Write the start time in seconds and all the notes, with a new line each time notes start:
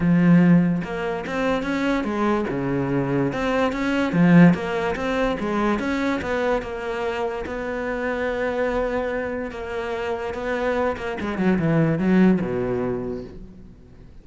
0.00 F3
0.84 A#3
1.26 C4
1.63 C#4
2.04 G#3
2.50 C#3
3.32 C4
3.72 C#4
4.12 F3
4.53 A#3
4.95 C4
5.39 G#3
5.79 C#4
6.21 B3
6.62 A#3
7.46 B3
9.51 A#3
10.34 B3
10.96 A#3
11.20 G#3
11.38 F#3
11.58 E3
11.98 F#3
12.41 B2